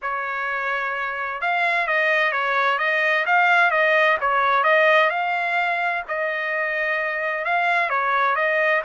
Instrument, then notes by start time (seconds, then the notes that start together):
trumpet
0.01 C#5
1.41 F5
1.87 D#5
2.32 C#5
2.78 D#5
3.26 F5
3.71 D#5
4.20 C#5
4.63 D#5
5.10 F5
6.08 D#5
7.44 F5
7.89 C#5
8.35 D#5